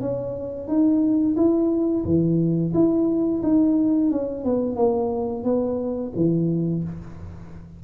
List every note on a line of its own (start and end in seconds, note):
0.00 0.67 C#4
0.67 1.35 D#4
1.36 2.04 E4
2.04 2.72 E3
2.73 3.42 E4
3.42 4.11 D#4
4.11 4.44 C#4
4.44 4.75 B3
4.75 5.44 A#3
5.44 6.12 B3
6.15 6.83 E3